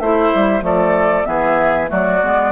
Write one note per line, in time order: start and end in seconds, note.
0.00 0.32 A3
0.00 0.61 E4
0.00 0.65 C5
0.00 0.63 E5
0.35 0.62 G3
0.61 1.25 F3
0.61 1.24 A3
0.61 1.28 A4
0.61 1.26 D5
1.24 1.91 E3
1.24 1.87 B3
1.24 1.91 G#4
1.24 1.89 E5
1.87 2.23 F#3
1.87 2.19 A3
1.87 2.52 F#4
1.87 2.52 D5
2.23 2.52 G#3
2.23 2.52 B3